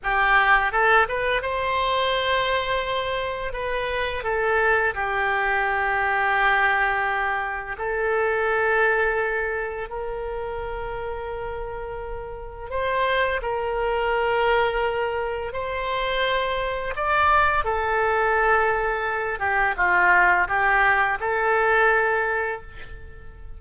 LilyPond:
\new Staff \with { instrumentName = "oboe" } { \time 4/4 \tempo 4 = 85 g'4 a'8 b'8 c''2~ | c''4 b'4 a'4 g'4~ | g'2. a'4~ | a'2 ais'2~ |
ais'2 c''4 ais'4~ | ais'2 c''2 | d''4 a'2~ a'8 g'8 | f'4 g'4 a'2 | }